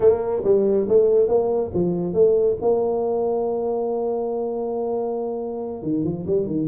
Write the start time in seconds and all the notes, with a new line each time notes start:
0.00 A#3
0.44 G3
0.88 A3
1.27 A#3
1.74 F3
2.13 A3
2.61 A#3
5.82 D#3
6.04 F3
6.26 G3
6.46 D#3